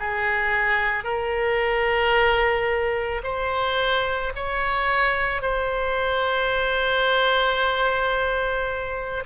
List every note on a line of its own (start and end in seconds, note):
0.00 1.04 G#4
1.04 3.22 A#4
3.24 4.33 C5
4.36 5.42 C#5
5.42 9.24 C5